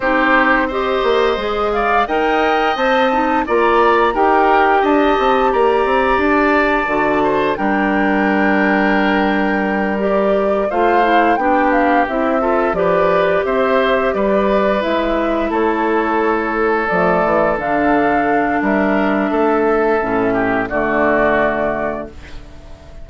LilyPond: <<
  \new Staff \with { instrumentName = "flute" } { \time 4/4 \tempo 4 = 87 c''4 dis''4. f''8 g''4 | a''4 ais''4 g''4 a''4 | ais''4 a''2 g''4~ | g''2~ g''8 d''4 f''8~ |
f''8 g''8 f''8 e''4 d''4 e''8~ | e''8 d''4 e''4 cis''4.~ | cis''8 d''4 f''4. e''4~ | e''2 d''2 | }
  \new Staff \with { instrumentName = "oboe" } { \time 4/4 g'4 c''4. d''8 dis''4~ | dis''4 d''4 ais'4 dis''4 | d''2~ d''8 c''8 ais'4~ | ais'2.~ ais'8 c''8~ |
c''8 g'4. a'8 b'4 c''8~ | c''8 b'2 a'4.~ | a'2. ais'4 | a'4. g'8 fis'2 | }
  \new Staff \with { instrumentName = "clarinet" } { \time 4/4 dis'4 g'4 gis'4 ais'4 | c''8 dis'8 f'4 g'2~ | g'2 fis'4 d'4~ | d'2~ d'8 g'4 f'8 |
e'8 d'4 e'8 f'8 g'4.~ | g'4. e'2~ e'8~ | e'8 a4 d'2~ d'8~ | d'4 cis'4 a2 | }
  \new Staff \with { instrumentName = "bassoon" } { \time 4/4 c'4. ais8 gis4 dis'4 | c'4 ais4 dis'4 d'8 c'8 | ais8 c'8 d'4 d4 g4~ | g2.~ g8 a8~ |
a8 b4 c'4 f4 c'8~ | c'8 g4 gis4 a4.~ | a8 f8 e8 d4. g4 | a4 a,4 d2 | }
>>